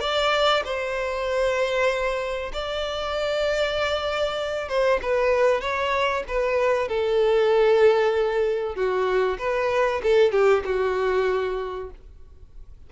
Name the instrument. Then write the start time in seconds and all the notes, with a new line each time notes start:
violin
0.00 D5
0.64 C5
2.53 D5
4.68 C5
5.02 B4
5.61 C#5
6.28 B4
6.88 A4
8.75 F#4
9.39 B4
10.03 A4
10.32 G4
10.65 F#4